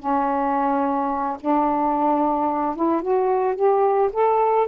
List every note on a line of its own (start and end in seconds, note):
0.00 1.38 C#4
1.41 2.76 D4
2.76 3.03 E4
3.03 3.56 F#4
3.56 4.11 G4
4.13 4.68 A4